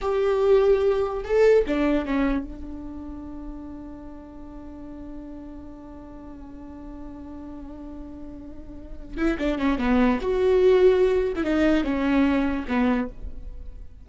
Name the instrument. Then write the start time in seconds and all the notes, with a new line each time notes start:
viola
0.01 G4
1.24 A4
1.66 D4
2.05 C#4
2.43 D4
9.17 E4
9.38 D4
9.58 C#4
9.78 B3
10.21 F#4
11.35 E4
11.44 D#4
11.84 C#4
12.68 B3